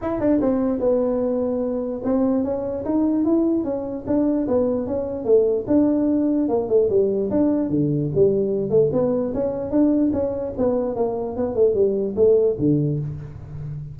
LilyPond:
\new Staff \with { instrumentName = "tuba" } { \time 4/4 \tempo 4 = 148 e'8 d'8 c'4 b2~ | b4 c'4 cis'4 dis'4 | e'4 cis'4 d'4 b4 | cis'4 a4 d'2 |
ais8 a8 g4 d'4 d4 | g4. a8 b4 cis'4 | d'4 cis'4 b4 ais4 | b8 a8 g4 a4 d4 | }